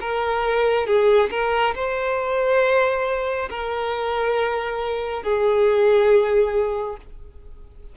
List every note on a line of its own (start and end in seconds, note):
0.00 0.86 A#4
0.86 1.30 G#4
1.30 1.74 A#4
1.75 3.49 C5
3.49 5.23 A#4
5.23 6.96 G#4